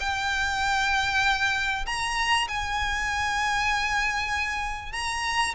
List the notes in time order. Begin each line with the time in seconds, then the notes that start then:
0.00 G5
1.86 A#5
2.48 G#5
4.93 A#5